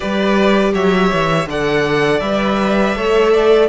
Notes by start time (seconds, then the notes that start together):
0.00 G3 G4 B4 D5
0.74 F#3 C#5 E5
1.12 E3
1.46 D3 A4 D5 F#5
2.20 G3 B4 E5
2.95 A3 A4 C#5
3.32 D5